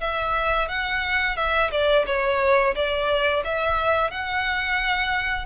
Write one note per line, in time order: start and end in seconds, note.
0.00 0.68 E5
0.68 1.36 F#5
1.36 1.70 E5
1.71 2.05 D5
2.06 2.74 C#5
2.75 3.43 D5
3.44 4.10 E5
4.10 5.45 F#5